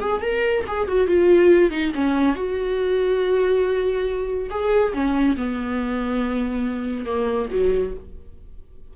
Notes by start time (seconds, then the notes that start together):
0.00 G#4
0.21 A#4
0.67 G#4
0.87 F#4
1.07 F4
1.70 D#4
1.94 C#4
2.35 F#4
4.50 G#4
4.93 C#4
5.36 B3
7.06 A#3
7.51 F#3